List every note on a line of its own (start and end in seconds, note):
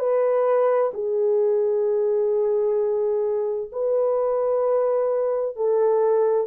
0.00 0.92 B4
0.94 3.71 G#4
3.72 5.56 B4
5.56 6.47 A4